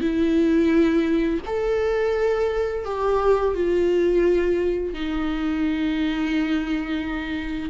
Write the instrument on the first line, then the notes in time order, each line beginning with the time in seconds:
viola
0.00 E4
1.46 A4
2.85 G4
3.54 F4
4.93 D#4